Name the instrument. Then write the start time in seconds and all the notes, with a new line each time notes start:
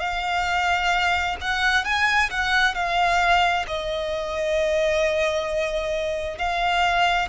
violin
0.00 F5
1.41 F#5
1.85 G#5
2.31 F#5
2.75 F5
3.68 D#5
6.38 F5